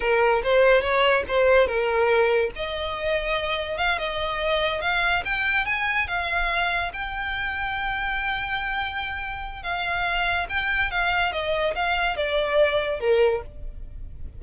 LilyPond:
\new Staff \with { instrumentName = "violin" } { \time 4/4 \tempo 4 = 143 ais'4 c''4 cis''4 c''4 | ais'2 dis''2~ | dis''4 f''8 dis''2 f''8~ | f''8 g''4 gis''4 f''4.~ |
f''8 g''2.~ g''8~ | g''2. f''4~ | f''4 g''4 f''4 dis''4 | f''4 d''2 ais'4 | }